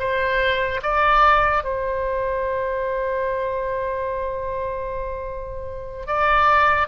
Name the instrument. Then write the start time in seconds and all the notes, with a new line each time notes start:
oboe
0.00 C5
0.83 D5
1.64 C5
6.07 D5